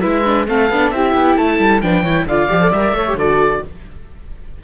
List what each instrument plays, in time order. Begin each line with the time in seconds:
0.00 cello G#3, viola E4, flute B4, oboe E5
0.24 viola D4
0.47 cello A3, viola C4, flute A4, oboe F5
0.70 cello B3, viola D4
0.90 cello C4, viola E4, flute G4, oboe E5
1.14 cello B3
1.37 cello A3, flute A4, oboe A5
1.59 cello G3
1.81 cello F3, viola D4, flute B4, oboe G5
2.02 cello E3, viola E4, flute C#5
2.25 cello D3, viola F4, flute D5, oboe F5
2.49 cello F3, viola G4
2.60 viola A4
2.71 cello G3, viola A#4, oboe E5
2.92 cello A3, viola A4, flute C#5
3.07 viola G4
3.14 cello D3, viola F#4, flute A4, oboe D5